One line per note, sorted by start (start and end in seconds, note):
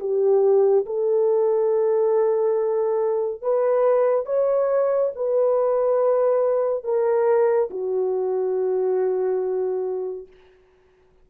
0.00 0.86 G4
0.86 3.42 A4
3.42 4.26 B4
4.26 5.12 C#5
5.15 6.84 B4
6.84 7.70 A#4
7.71 10.28 F#4